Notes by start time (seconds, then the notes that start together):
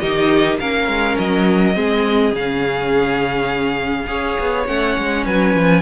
0.00 D#3 D#4 G4 D#5
0.59 A#3 C#4 A#4 F5
0.87 G#3
1.18 F#3 D#5
1.74 G#3 C4 G#4
2.32 C#3 C#4 F5
4.07 C#4 G#4 C#5
4.39 B3
4.66 A3 C#4 F#5
4.97 G#3
5.25 F#3 B4 G#5
5.54 F3